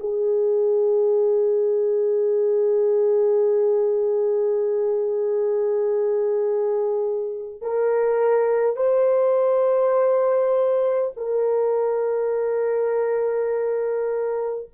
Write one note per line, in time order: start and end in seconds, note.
0.00 7.61 G#4
7.61 8.77 A#4
8.77 11.12 C5
11.17 14.70 A#4